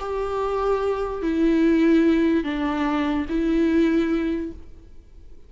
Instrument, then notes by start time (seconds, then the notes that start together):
viola
0.00 G4
1.23 E4
2.44 D4
3.29 E4